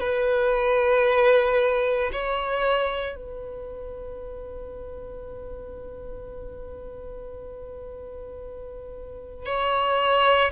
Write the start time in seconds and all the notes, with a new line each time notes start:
0.00 B4
2.12 C#5
3.15 B4
9.45 C#5